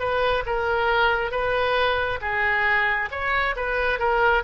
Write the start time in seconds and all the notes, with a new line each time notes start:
0.00 B4
0.46 A#4
1.31 B4
2.21 G#4
3.11 C#5
3.56 B4
3.99 A#4